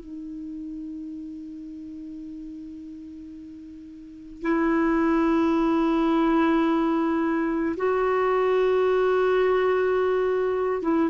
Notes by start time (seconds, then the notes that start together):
0.00 D#4
4.42 E4
7.77 F#4
10.82 E4